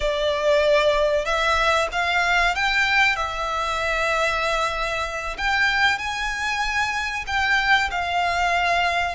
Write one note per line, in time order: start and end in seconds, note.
0.00 1.25 D5
1.25 1.88 E5
1.91 2.55 F5
2.55 3.16 G5
3.16 5.37 E5
5.37 5.98 G5
5.98 7.24 G#5
7.27 7.90 G5
7.91 9.15 F5